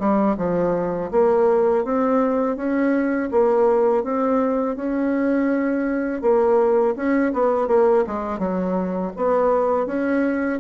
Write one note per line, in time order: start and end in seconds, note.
0.00 0.37 G3
0.37 1.10 F3
1.11 1.85 A#3
1.85 2.57 C4
2.57 3.30 C#4
3.32 4.04 A#3
4.04 4.76 C4
4.76 6.22 C#4
6.22 6.95 A#3
6.96 7.33 C#4
7.33 7.68 B3
7.68 8.05 A#3
8.07 8.39 G#3
8.39 9.12 F#3
9.17 9.87 B3
9.87 10.60 C#4